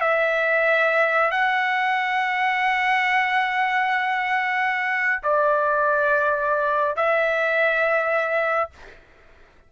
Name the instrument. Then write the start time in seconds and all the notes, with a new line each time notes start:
trumpet
0.00 E5
1.30 F#5
5.23 D5
6.96 E5